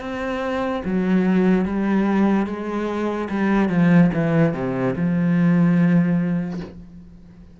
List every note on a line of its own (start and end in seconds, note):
0.00 0.82 C4
0.84 1.65 F#3
1.65 2.46 G3
2.46 3.28 G#3
3.30 3.69 G3
3.69 4.10 F3
4.13 4.54 E3
4.54 4.95 C3
4.95 6.60 F3